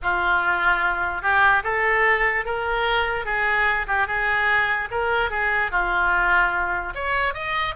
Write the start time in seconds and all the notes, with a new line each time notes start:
0.02 F4
1.21 G4
1.63 A4
2.45 A#4
3.25 G#4
3.87 G4
4.07 G#4
4.90 A#4
5.30 G#4
5.71 F4
6.95 C#5
7.34 D#5